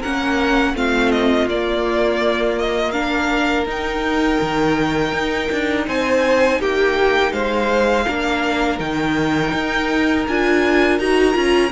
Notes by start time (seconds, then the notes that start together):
0.00 A#3 C#4 A#4 F#5
0.74 A3 C4 F4 F5
1.11 D#5
1.46 A#3 D5
2.58 D#5
2.91 D4 A#4 F5
3.66 D#4 G5
4.41 D#3
5.12 D#4
5.52 D4
5.86 C4 C5 G#5
6.59 A#3 G4 G5
7.32 G#3 C5 F5
8.05 A#3 D4 A#4
8.79 D#3 D#4 G5
9.53 D#4
10.27 D4 F4 G#5
10.98 D#4 F#4 A#5
11.33 C#4 F4